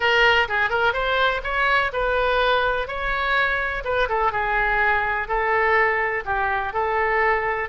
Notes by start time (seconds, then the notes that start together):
0.00 A#4
0.48 G#4
0.69 A#4
0.93 C5
1.43 C#5
1.92 B4
2.87 C#5
3.84 B4
4.08 A4
4.32 G#4
5.28 A4
6.25 G4
6.73 A4